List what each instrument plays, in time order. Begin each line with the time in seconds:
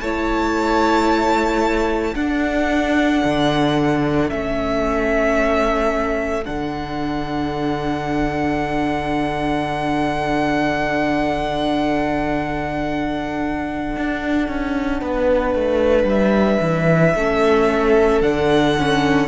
0.00 cello A3, viola E4, violin C#5 A5
2.13 viola D4, cello D4, violin A4 F#5
3.23 cello D3
4.28 cello A3, viola C#4, violin E5
6.45 cello D3, viola D4, violin F#5
13.96 cello D4
14.48 cello C#4
15.00 cello B3, violin B4
15.54 cello A3
16.04 cello G3, violin E5
16.60 cello E3
17.14 cello A3, viola C#4, violin A4
18.21 cello D3, viola D4, violin F#5
18.79 viola C#4